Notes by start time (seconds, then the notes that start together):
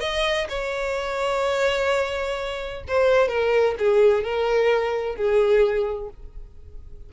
0.00 D#5
0.49 C#5
2.87 C5
3.28 A#4
3.78 G#4
4.24 A#4
5.15 G#4